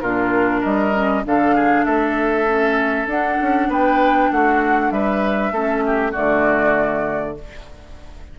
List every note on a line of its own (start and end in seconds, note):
0.00 0.63 A#2
0.00 0.93 D4
0.00 0.60 F4
0.00 0.61 A#4
0.60 1.25 G3
0.60 1.22 A#4
0.60 1.24 D#5
0.93 1.24 C#4
1.24 1.85 D3
1.24 2.46 D4
1.24 1.55 A4
1.24 1.84 F5
1.55 1.85 G#4
1.84 3.06 A3
1.84 3.68 A4
1.84 3.07 E5
2.46 3.08 C#4
3.06 3.37 D4
3.06 5.52 D4
3.06 3.71 F#5
3.41 3.68 C#4
3.68 4.29 B3
3.68 4.30 B4
3.68 4.32 G5
4.31 4.91 A3
4.31 4.93 F#4
4.31 4.90 F#5
4.90 5.51 G3
4.90 5.52 B4
4.90 6.13 E5
5.51 6.12 A3
5.51 6.13 C#4
5.51 5.83 A4
5.86 6.11 G4
6.11 7.39 D3
6.11 7.35 A3
6.11 7.34 F#4
6.11 7.37 D5